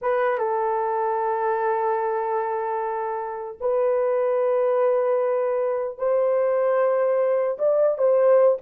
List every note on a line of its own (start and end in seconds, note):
0.01 0.38 B4
0.38 3.58 A4
3.60 5.97 B4
5.97 7.57 C5
7.58 7.97 D5
7.97 8.57 C5